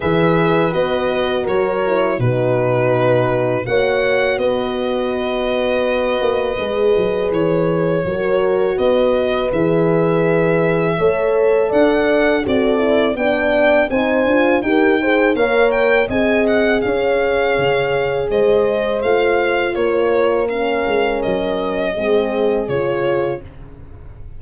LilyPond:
<<
  \new Staff \with { instrumentName = "violin" } { \time 4/4 \tempo 4 = 82 e''4 dis''4 cis''4 b'4~ | b'4 fis''4 dis''2~ | dis''2 cis''2 | dis''4 e''2. |
fis''4 d''4 g''4 gis''4 | g''4 f''8 g''8 gis''8 fis''8 f''4~ | f''4 dis''4 f''4 cis''4 | f''4 dis''2 cis''4 | }
  \new Staff \with { instrumentName = "horn" } { \time 4/4 b'2 ais'4 fis'4~ | fis'4 cis''4 b'2~ | b'2. ais'4 | b'2. cis''4 |
d''4 a'4 d''4 c''4 | ais'8 c''8 cis''4 dis''4 cis''4~ | cis''4 c''2 ais'4~ | ais'2 gis'2 | }
  \new Staff \with { instrumentName = "horn" } { \time 4/4 gis'4 fis'4. e'8 dis'4~ | dis'4 fis'2.~ | fis'4 gis'2 fis'4~ | fis'4 gis'2 a'4~ |
a'4 fis'8 e'8 d'4 dis'8 f'8 | g'8 gis'8 ais'4 gis'2~ | gis'2 f'2 | cis'2 c'4 f'4 | }
  \new Staff \with { instrumentName = "tuba" } { \time 4/4 e4 b4 fis4 b,4~ | b,4 ais4 b2~ | b8 ais8 gis8 fis8 e4 fis4 | b4 e2 a4 |
d'4 c'4 b4 c'8 d'8 | dis'4 ais4 c'4 cis'4 | cis4 gis4 a4 ais4~ | ais8 gis8 fis4 gis4 cis4 | }
>>